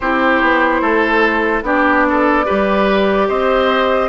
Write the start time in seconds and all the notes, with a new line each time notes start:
0.00 C4 E4 G4 C5
0.41 B3
0.81 A3 A4
1.62 B3 D4 G4 D5
2.09 A4
2.45 G3 G4 B4
3.28 C4 C5 D#5